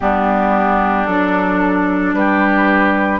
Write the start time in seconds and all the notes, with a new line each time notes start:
0.00 G3 B3 D4 G4
1.06 F#3 D4 A4
2.13 G3 G4 B4